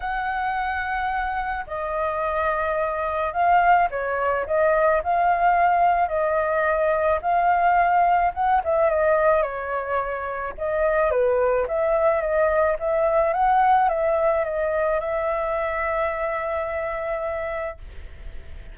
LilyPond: \new Staff \with { instrumentName = "flute" } { \time 4/4 \tempo 4 = 108 fis''2. dis''4~ | dis''2 f''4 cis''4 | dis''4 f''2 dis''4~ | dis''4 f''2 fis''8 e''8 |
dis''4 cis''2 dis''4 | b'4 e''4 dis''4 e''4 | fis''4 e''4 dis''4 e''4~ | e''1 | }